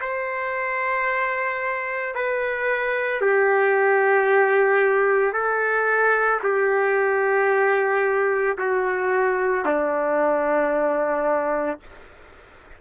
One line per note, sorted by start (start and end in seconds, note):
0.00 2.14 C5
2.14 3.21 B4
3.21 5.33 G4
5.33 6.40 A4
6.43 8.57 G4
8.58 9.65 F#4
9.65 11.79 D4